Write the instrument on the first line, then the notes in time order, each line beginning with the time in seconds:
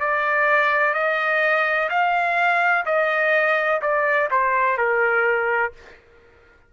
trumpet
0.00 D5
0.94 D#5
1.89 F5
2.86 D#5
3.81 D5
4.31 C5
4.77 A#4